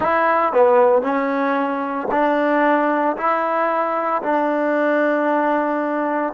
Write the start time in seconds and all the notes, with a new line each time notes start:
0.00 E4
0.53 B3
1.02 C#4
2.11 D4
3.16 E4
4.22 D4